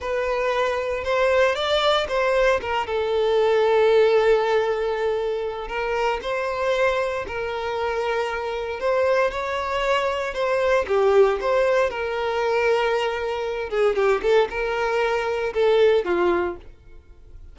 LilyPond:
\new Staff \with { instrumentName = "violin" } { \time 4/4 \tempo 4 = 116 b'2 c''4 d''4 | c''4 ais'8 a'2~ a'8~ | a'2. ais'4 | c''2 ais'2~ |
ais'4 c''4 cis''2 | c''4 g'4 c''4 ais'4~ | ais'2~ ais'8 gis'8 g'8 a'8 | ais'2 a'4 f'4 | }